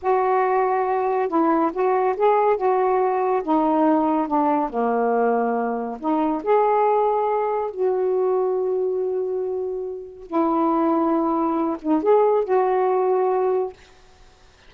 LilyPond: \new Staff \with { instrumentName = "saxophone" } { \time 4/4 \tempo 4 = 140 fis'2. e'4 | fis'4 gis'4 fis'2 | dis'2 d'4 ais4~ | ais2 dis'4 gis'4~ |
gis'2 fis'2~ | fis'1 | e'2.~ e'8 dis'8 | gis'4 fis'2. | }